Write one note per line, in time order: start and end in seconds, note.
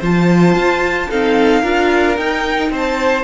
0.00 0.55 F3
0.00 1.11 F4
0.00 1.08 C5
0.00 1.11 A5
0.55 1.09 F4
1.10 1.63 C4
1.10 1.64 D#4
1.10 1.62 A4
1.10 2.18 F5
1.62 2.18 D4
1.62 2.17 F4
1.62 2.70 A#4
2.18 2.70 D#4
2.18 3.24 D#4
2.18 2.72 G5
2.70 3.24 C4
2.70 3.24 C5
2.70 3.24 A5